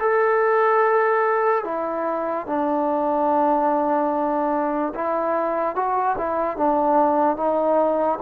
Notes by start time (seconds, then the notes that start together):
0.00 A4
1.64 E4
2.47 D4
4.95 E4
5.75 F#4
6.18 E4
6.57 D4
7.37 D#4